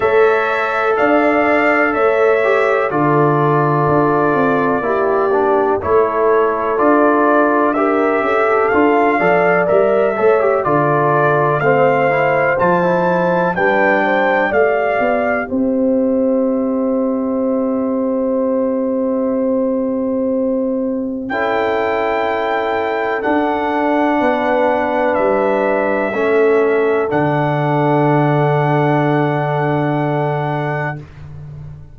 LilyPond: <<
  \new Staff \with { instrumentName = "trumpet" } { \time 4/4 \tempo 4 = 62 e''4 f''4 e''4 d''4~ | d''2 cis''4 d''4 | e''4 f''4 e''4 d''4 | f''4 a''4 g''4 f''4 |
e''1~ | e''2 g''2 | fis''2 e''2 | fis''1 | }
  \new Staff \with { instrumentName = "horn" } { \time 4/4 cis''4 d''4 cis''4 a'4~ | a'4 g'4 a'2 | ais'8 a'4 d''4 cis''8 a'4 | c''2 b'8 c''8 d''4 |
c''1~ | c''2 a'2~ | a'4 b'2 a'4~ | a'1 | }
  \new Staff \with { instrumentName = "trombone" } { \time 4/4 a'2~ a'8 g'8 f'4~ | f'4 e'8 d'8 e'4 f'4 | g'4 f'8 a'8 ais'8 a'16 g'16 f'4 | c'8 e'8 f'16 e'8. d'4 g'4~ |
g'1~ | g'2 e'2 | d'2. cis'4 | d'1 | }
  \new Staff \with { instrumentName = "tuba" } { \time 4/4 a4 d'4 a4 d4 | d'8 c'8 ais4 a4 d'4~ | d'8 cis'8 d'8 f8 g8 a8 d4 | a4 f4 g4 a8 b8 |
c'1~ | c'2 cis'2 | d'4 b4 g4 a4 | d1 | }
>>